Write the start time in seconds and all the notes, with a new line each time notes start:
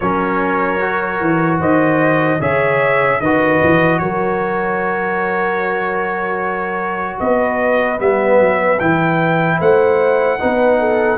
0.00 F#3 C#4 A#4 C#5
0.80 F#4
1.20 E3
1.59 D#3 C5 D#5
2.40 C#3 G#4 C#5 E5
3.20 D#3 F#4 B4 D#5
3.62 E3
3.98 F#3 A#4 C#5
7.19 B3 B4 D#5
7.98 G3 B3 E5
8.39 F#3
8.79 E3 E4 G5
9.58 A3 C5 F#5
10.39 B3 D#4 B4
10.79 A4